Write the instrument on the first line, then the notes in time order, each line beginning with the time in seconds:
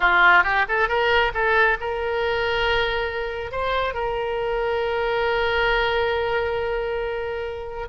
oboe
0.00 F4
0.43 G4
0.68 A4
0.88 A#4
1.34 A4
1.80 A#4
3.51 C5
3.94 A#4